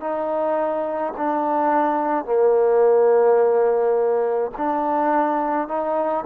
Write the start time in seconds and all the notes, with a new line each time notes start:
0.00 D#4
1.17 D4
2.25 A#3
4.57 D4
5.68 D#4